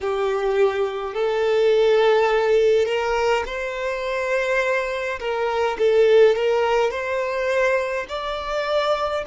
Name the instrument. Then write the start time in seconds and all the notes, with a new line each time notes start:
violin
0.00 G4
1.13 A4
2.85 A#4
3.46 C5
5.19 A#4
5.78 A4
6.35 A#4
6.90 C5
8.08 D5